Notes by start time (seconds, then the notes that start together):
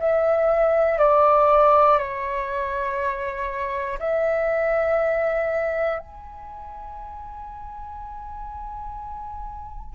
0.00 E5
0.99 D5
1.99 C#5
4.00 E5
5.99 G#5